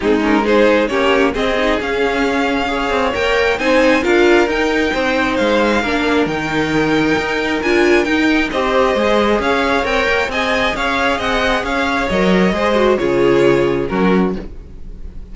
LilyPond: <<
  \new Staff \with { instrumentName = "violin" } { \time 4/4 \tempo 4 = 134 gis'8 ais'8 c''4 cis''4 dis''4 | f''2. g''4 | gis''4 f''4 g''2 | f''2 g''2~ |
g''4 gis''4 g''4 dis''4~ | dis''4 f''4 g''4 gis''4 | f''4 fis''4 f''4 dis''4~ | dis''4 cis''2 ais'4 | }
  \new Staff \with { instrumentName = "violin" } { \time 4/4 dis'4 gis'4 g'4 gis'4~ | gis'2 cis''2 | c''4 ais'2 c''4~ | c''4 ais'2.~ |
ais'2. c''4~ | c''4 cis''2 dis''4 | cis''4 dis''4 cis''2 | c''4 gis'2 fis'4 | }
  \new Staff \with { instrumentName = "viola" } { \time 4/4 c'8 cis'8 dis'4 cis'4 c'8 dis'8 | cis'2 gis'4 ais'4 | dis'4 f'4 dis'2~ | dis'4 d'4 dis'2~ |
dis'4 f'4 dis'4 g'4 | gis'2 ais'4 gis'4~ | gis'2. ais'4 | gis'8 fis'8 f'2 cis'4 | }
  \new Staff \with { instrumentName = "cello" } { \time 4/4 gis2 ais4 c'4 | cis'2~ cis'8 c'8 ais4 | c'4 d'4 dis'4 c'4 | gis4 ais4 dis2 |
dis'4 d'4 dis'4 c'4 | gis4 cis'4 c'8 ais8 c'4 | cis'4 c'4 cis'4 fis4 | gis4 cis2 fis4 | }
>>